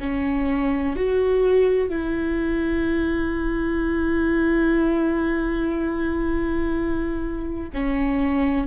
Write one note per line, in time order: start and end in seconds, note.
0.00 0.96 C#4
0.96 1.89 F#4
1.89 7.70 E4
7.74 8.67 C#4